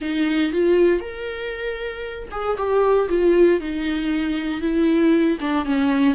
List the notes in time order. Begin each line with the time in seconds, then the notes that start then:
0.01 D#4
0.52 F4
1.00 A#4
2.31 G#4
2.57 G4
3.09 F4
3.60 D#4
4.61 E4
5.40 D4
5.65 C#4